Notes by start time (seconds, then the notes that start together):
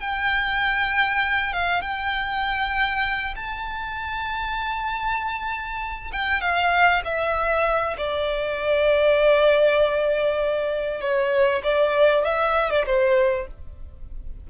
0.00 G5
1.53 F5
1.82 G5
3.36 A5
6.13 G5
6.41 F5
7.05 E5
7.97 D5
11.01 C#5
11.64 D5
12.25 E5
12.70 D5
12.86 C5